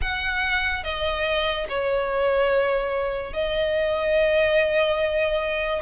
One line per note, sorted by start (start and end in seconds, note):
0.01 0.83 F#5
0.83 1.67 D#5
1.69 3.33 C#5
3.33 5.82 D#5